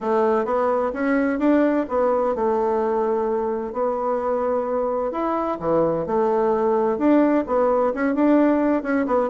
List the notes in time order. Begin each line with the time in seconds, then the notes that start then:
0.00 A3
0.45 B3
0.93 C#4
1.39 D4
1.88 B3
2.35 A3
3.73 B3
5.11 E4
5.59 E3
6.06 A3
6.98 D4
7.47 B3
7.93 C#4
8.15 D4
8.82 C#4
9.06 B3